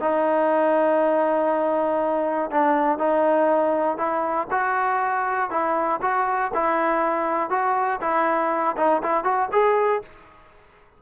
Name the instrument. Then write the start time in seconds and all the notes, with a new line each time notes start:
trombone
0.00 D#4
2.50 D4
2.98 D#4
3.97 E4
4.50 F#4
5.50 E4
6.01 F#4
6.54 E4
7.50 F#4
8.00 E4
8.77 D#4
9.03 E4
9.23 F#4
9.52 G#4